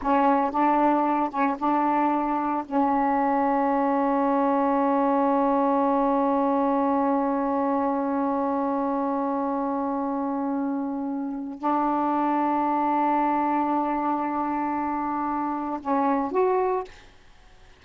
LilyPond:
\new Staff \with { instrumentName = "saxophone" } { \time 4/4 \tempo 4 = 114 cis'4 d'4. cis'8 d'4~ | d'4 cis'2.~ | cis'1~ | cis'1~ |
cis'1~ | cis'2 d'2~ | d'1~ | d'2 cis'4 fis'4 | }